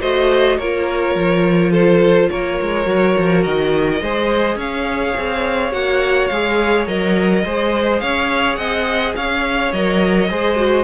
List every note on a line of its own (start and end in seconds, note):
0.00 0.58 A3
0.00 0.58 F#4
0.00 0.57 C5
0.00 0.58 D#5
0.58 1.15 A#3
0.58 2.84 F4
0.58 1.71 A#4
0.58 1.72 C#5
1.15 2.29 F3
1.71 2.28 A4
1.71 2.29 C5
2.29 2.59 A#3
2.29 4.02 A#4
2.29 3.43 C#5
2.61 2.86 G#3
2.84 3.15 F#3
2.84 3.98 F#4
3.18 3.45 F3
3.43 4.01 D#3
3.43 4.57 D#5
4.01 4.56 G#3
4.01 5.71 G#4
4.01 4.56 C5
4.56 5.13 C#4
4.56 7.42 C#5
4.56 5.72 F5
5.17 5.72 C4
5.71 6.30 A#3
5.71 6.28 F#4
5.71 6.27 F#5
6.27 6.87 G#3
6.27 6.84 F5
6.33 6.87 G#4
6.87 7.44 F#3
6.87 7.44 A#4
6.87 8.00 D#5
7.44 8.02 G#3
7.44 9.73 G#4
7.44 8.02 C5
8.00 8.57 C#4
8.00 8.58 C#5
8.00 8.55 F5
8.55 9.14 C4
8.55 9.15 D#5
8.55 9.12 F#5
9.15 9.72 C#4
9.15 10.29 C#5
9.15 9.72 F5
9.72 10.30 F#3
9.72 10.29 A#4
9.72 10.84 D#5
10.29 10.84 G#3
10.29 10.56 G#4
10.29 10.84 C5
10.56 10.84 F#4